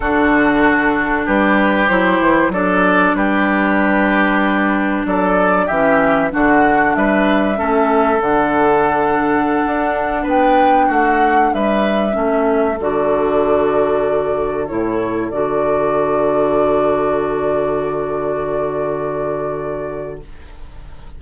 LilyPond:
<<
  \new Staff \with { instrumentName = "flute" } { \time 4/4 \tempo 4 = 95 a'2 b'4 c''4 | d''4 b'2. | d''4 e''4 fis''4 e''4~ | e''4 fis''2.~ |
fis''16 g''4 fis''4 e''4.~ e''16~ | e''16 d''2. cis''8.~ | cis''16 d''2.~ d''8.~ | d''1 | }
  \new Staff \with { instrumentName = "oboe" } { \time 4/4 fis'2 g'2 | a'4 g'2. | a'4 g'4 fis'4 b'4 | a'1~ |
a'16 b'4 fis'4 b'4 a'8.~ | a'1~ | a'1~ | a'1 | }
  \new Staff \with { instrumentName = "clarinet" } { \time 4/4 d'2. e'4 | d'1~ | d'4 cis'4 d'2 | cis'4 d'2.~ |
d'2.~ d'16 cis'8.~ | cis'16 fis'2. e'8.~ | e'16 fis'2.~ fis'8.~ | fis'1 | }
  \new Staff \with { instrumentName = "bassoon" } { \time 4/4 d2 g4 fis8 e8 | fis4 g2. | fis4 e4 d4 g4 | a4 d2~ d16 d'8.~ |
d'16 b4 a4 g4 a8.~ | a16 d2. a,8.~ | a,16 d2.~ d8.~ | d1 | }
>>